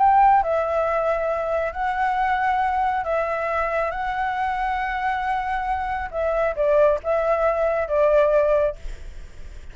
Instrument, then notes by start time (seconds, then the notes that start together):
flute
0.00 G5
0.44 E5
1.73 F#5
3.05 E5
3.91 F#5
6.12 E5
6.56 D5
7.04 E5
7.89 D5